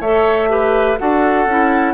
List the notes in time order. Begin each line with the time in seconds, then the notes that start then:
0.00 A3 A4 C#5 E5
0.49 G4 B4
0.98 D4 F#4 A4 F#5
1.46 C#4 E4